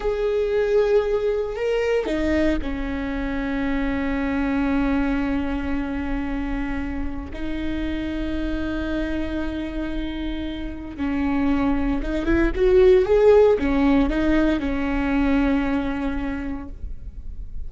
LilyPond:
\new Staff \with { instrumentName = "viola" } { \time 4/4 \tempo 4 = 115 gis'2. ais'4 | dis'4 cis'2.~ | cis'1~ | cis'2 dis'2~ |
dis'1~ | dis'4 cis'2 dis'8 e'8 | fis'4 gis'4 cis'4 dis'4 | cis'1 | }